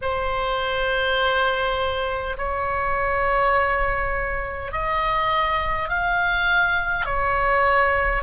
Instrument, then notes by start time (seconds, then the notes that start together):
oboe
0.01 C5
2.37 C#5
4.72 D#5
5.88 F5
7.05 C#5